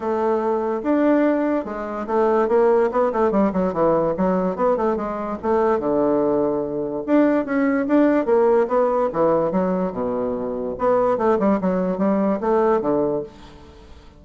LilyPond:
\new Staff \with { instrumentName = "bassoon" } { \time 4/4 \tempo 4 = 145 a2 d'2 | gis4 a4 ais4 b8 a8 | g8 fis8 e4 fis4 b8 a8 | gis4 a4 d2~ |
d4 d'4 cis'4 d'4 | ais4 b4 e4 fis4 | b,2 b4 a8 g8 | fis4 g4 a4 d4 | }